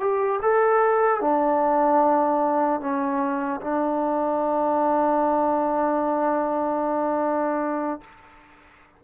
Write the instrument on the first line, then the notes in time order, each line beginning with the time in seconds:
trombone
0.00 G4
0.42 A4
1.21 D4
2.80 C#4
3.61 D4